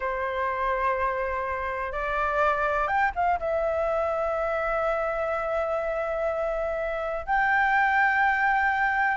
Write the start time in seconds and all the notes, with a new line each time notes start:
0.00 C5
1.92 D5
2.87 G5
3.15 F5
3.39 E5
7.26 G5